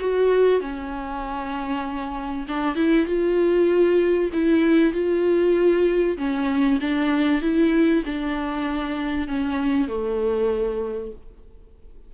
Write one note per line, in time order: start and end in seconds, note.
0.00 0.61 F#4
0.61 2.46 C#4
2.48 2.76 D4
2.76 3.07 E4
3.07 4.30 F4
4.33 4.93 E4
4.93 6.17 F4
6.18 6.80 C#4
6.81 7.42 D4
7.42 8.04 E4
8.06 9.28 D4
9.28 9.88 C#4
9.88 11.12 A3